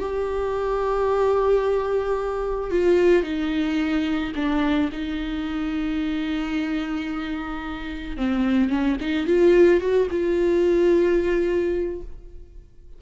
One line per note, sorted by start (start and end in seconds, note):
0.00 2.71 G4
2.71 3.24 F4
3.24 4.33 D#4
4.36 4.90 D4
4.93 8.17 D#4
8.17 8.70 C4
8.70 8.97 C#4
9.01 9.27 D#4
9.27 9.81 F4
9.81 10.08 F#4
10.11 12.02 F4